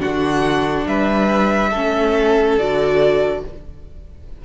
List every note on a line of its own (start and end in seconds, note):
0.00 0.86 D3
0.00 1.71 D4
0.00 0.86 F#4
0.00 0.87 F#5
0.86 1.72 G3
0.86 1.70 B4
0.86 2.59 E5
1.70 2.58 A3
1.70 2.60 C#4
1.70 3.41 A4
2.58 3.44 D3
2.58 3.45 F#4
2.58 3.44 D5